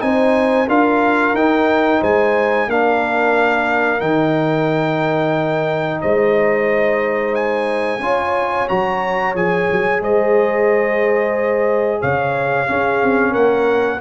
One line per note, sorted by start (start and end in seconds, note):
0.00 0.68 C4
0.00 0.67 D#4
0.00 0.68 C5
0.00 0.68 G#5
0.68 1.34 D4
0.68 1.35 F4
0.68 2.00 A#4
0.68 1.36 F5
1.34 2.00 D#4
1.34 2.69 D#4
1.34 2.02 G5
2.00 2.67 G#3
2.00 2.67 C5
2.00 2.70 G#5
2.67 4.01 A#3
2.67 4.00 D4
2.67 6.01 A#4
2.67 4.00 F5
4.00 6.01 D#3
4.00 8.00 D#4
4.00 6.00 G5
6.01 7.99 G#3
6.01 8.01 C5
6.01 7.35 D#5
7.35 8.68 G#5
7.99 8.66 C#4
7.99 8.68 F4
7.99 10.01 C#5
8.68 9.34 F#3
8.68 9.35 F#4
8.68 9.35 A#5
9.34 9.68 F3
9.34 12.67 G#4
9.34 10.02 G#5
9.72 10.00 F#3
10.00 12.00 G#3
10.00 12.00 C5
10.00 12.02 D#5
12.00 12.69 C#3
12.00 12.67 C#5
12.00 13.34 F5
12.67 14.00 C#4
12.67 13.02 C#4
12.67 13.31 G#4
13.02 13.35 C4
13.31 14.01 A#3
13.31 13.98 A#4
13.31 14.00 F#5